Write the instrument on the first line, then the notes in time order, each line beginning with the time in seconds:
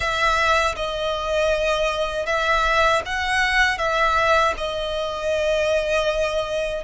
violin
0.00 E5
0.76 D#5
2.26 E5
3.05 F#5
3.78 E5
4.57 D#5